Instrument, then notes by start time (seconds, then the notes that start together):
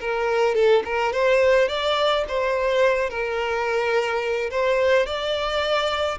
violin
0.00 A#4
0.55 A4
0.85 A#4
1.12 C5
1.68 D5
2.28 C5
3.10 A#4
4.50 C5
5.06 D5